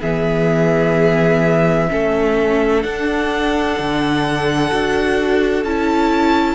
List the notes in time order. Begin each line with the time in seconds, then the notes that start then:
0.00 E3 B3 G#4 E5
1.88 A3 C#4 A4
2.81 D4 F#5
3.78 D3
4.70 D4 F#4
5.63 C#4 E4 A5